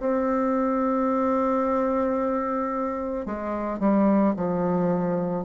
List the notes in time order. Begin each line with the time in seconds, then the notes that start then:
0.00 C4
3.26 G#3
3.80 G3
4.36 F3